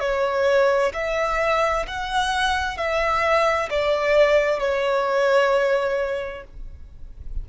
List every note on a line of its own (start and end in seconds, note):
0.00 0.92 C#5
0.94 1.86 E5
1.87 2.77 F#5
2.77 3.69 E5
3.70 4.59 D5
4.59 6.44 C#5